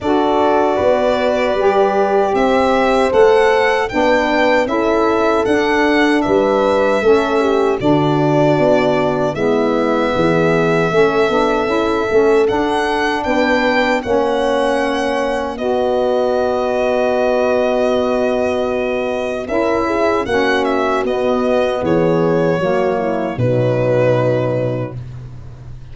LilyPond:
<<
  \new Staff \with { instrumentName = "violin" } { \time 4/4 \tempo 4 = 77 d''2. e''4 | fis''4 g''4 e''4 fis''4 | e''2 d''2 | e''1 |
fis''4 g''4 fis''2 | dis''1~ | dis''4 e''4 fis''8 e''8 dis''4 | cis''2 b'2 | }
  \new Staff \with { instrumentName = "horn" } { \time 4/4 a'4 b'2 c''4~ | c''4 b'4 a'2 | b'4 a'8 g'8 fis'2 | e'4 gis'4 a'2~ |
a'4 b'4 cis''2 | b'1~ | b'4 ais'8 gis'8 fis'2 | gis'4 fis'8 e'8 dis'2 | }
  \new Staff \with { instrumentName = "saxophone" } { \time 4/4 fis'2 g'2 | a'4 d'4 e'4 d'4~ | d'4 cis'4 d'2 | b2 cis'8 d'8 e'8 cis'8 |
d'2 cis'2 | fis'1~ | fis'4 e'4 cis'4 b4~ | b4 ais4 fis2 | }
  \new Staff \with { instrumentName = "tuba" } { \time 4/4 d'4 b4 g4 c'4 | a4 b4 cis'4 d'4 | g4 a4 d4 b4 | gis4 e4 a8 b8 cis'8 a8 |
d'4 b4 ais2 | b1~ | b4 cis'4 ais4 b4 | e4 fis4 b,2 | }
>>